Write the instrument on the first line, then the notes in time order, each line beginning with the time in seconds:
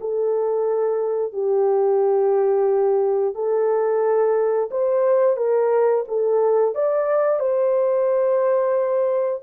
horn
0.00 A4
1.32 G4
3.34 A4
4.70 C5
5.37 A#4
6.08 A4
6.74 D5
7.39 C5